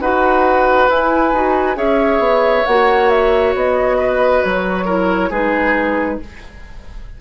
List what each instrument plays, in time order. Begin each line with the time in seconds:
0.00 bassoon D#4, clarinet F#4, oboe B4, flute F#5
0.88 bassoon E4, clarinet E4, flute G#5
1.33 bassoon D#4, clarinet F#4
1.75 bassoon C#4, clarinet G#4, oboe C#5, flute E5
2.19 bassoon B3
2.66 bassoon A#3, clarinet F#4, flute F#5
3.10 flute E5
3.55 bassoon B3, flute D#5
3.98 oboe B4
4.44 bassoon F#3, flute C#5
4.85 clarinet E4, oboe A#4
5.30 bassoon G#3, clarinet D#4, oboe G#4, flute B4